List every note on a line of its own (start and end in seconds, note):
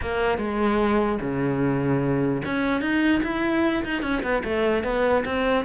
0.01 0.38 A#3
0.38 1.18 G#3
1.21 2.42 C#3
2.45 2.81 C#4
2.81 3.21 D#4
3.23 3.83 E4
3.84 4.02 D#4
4.02 4.22 C#4
4.22 4.43 B3
4.44 4.83 A3
4.83 5.24 B3
5.25 5.65 C4